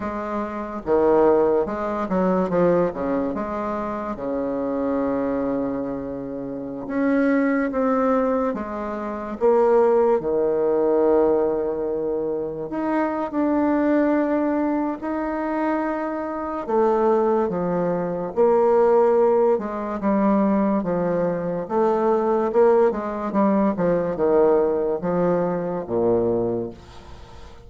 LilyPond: \new Staff \with { instrumentName = "bassoon" } { \time 4/4 \tempo 4 = 72 gis4 dis4 gis8 fis8 f8 cis8 | gis4 cis2.~ | cis16 cis'4 c'4 gis4 ais8.~ | ais16 dis2. dis'8. |
d'2 dis'2 | a4 f4 ais4. gis8 | g4 f4 a4 ais8 gis8 | g8 f8 dis4 f4 ais,4 | }